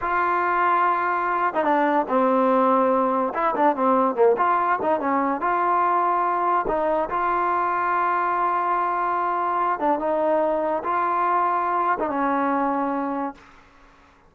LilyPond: \new Staff \with { instrumentName = "trombone" } { \time 4/4 \tempo 4 = 144 f'2.~ f'8. dis'16 | d'4 c'2. | e'8 d'8 c'4 ais8 f'4 dis'8 | cis'4 f'2. |
dis'4 f'2.~ | f'2.~ f'8 d'8 | dis'2 f'2~ | f'8. dis'16 cis'2. | }